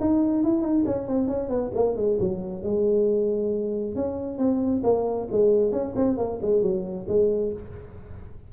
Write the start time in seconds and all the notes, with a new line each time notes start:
0.00 D#4
0.44 E4
0.62 D#4
0.86 C#4
1.07 C4
1.28 C#4
1.49 B3
1.75 A#3
1.96 G#3
2.20 F#3
2.63 G#3
3.95 C#4
4.38 C4
4.83 A#3
5.32 G#3
5.72 C#4
5.96 C4
6.17 A#3
6.42 G#3
6.62 F#3
7.08 G#3